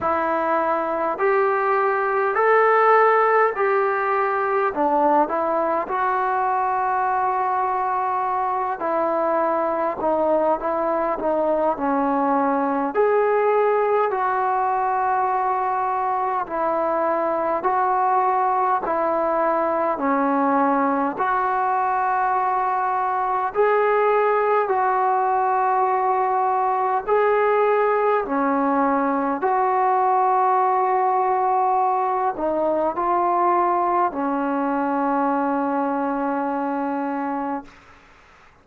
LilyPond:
\new Staff \with { instrumentName = "trombone" } { \time 4/4 \tempo 4 = 51 e'4 g'4 a'4 g'4 | d'8 e'8 fis'2~ fis'8 e'8~ | e'8 dis'8 e'8 dis'8 cis'4 gis'4 | fis'2 e'4 fis'4 |
e'4 cis'4 fis'2 | gis'4 fis'2 gis'4 | cis'4 fis'2~ fis'8 dis'8 | f'4 cis'2. | }